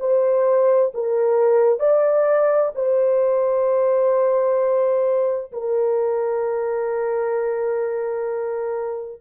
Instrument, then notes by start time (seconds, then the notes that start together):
horn
0.00 C5
0.94 A#4
1.80 D5
2.75 C5
5.53 A#4